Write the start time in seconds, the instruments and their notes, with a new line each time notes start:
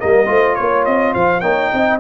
0.00 tuba G3, trombone A#3, horn A#4, trumpet D#5
0.26 tuba A3, trombone F4, horn C5
0.55 tuba A#3, trumpet C#5, horn C#5
0.85 tuba C4, trumpet D#5
1.14 tuba F3, horn C5, trumpet F5
1.41 tuba A#3, trombone D#4, horn C#5, trumpet G5
1.73 tuba C4, horn D#5